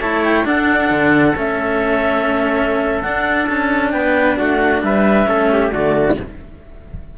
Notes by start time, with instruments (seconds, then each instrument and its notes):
0.00 cello A3 E4, trumpet C#5, clarinet A5
0.24 clarinet G5
0.44 cello D4, trumpet A4, clarinet F#5
0.90 cello D3
1.35 cello A3 C#4, clarinet E5
3.01 cello D4, clarinet F#5
3.47 cello C#4, clarinet A5
3.92 cello B3, trumpet B4, clarinet G5
4.37 cello A3, trumpet F#4, clarinet F#5
4.83 cello G3, trumpet B4, clarinet E5
5.26 cello A3 C#4, trumpet A4
5.52 trumpet G4
5.71 cello D3 A3, trumpet F#4, clarinet D5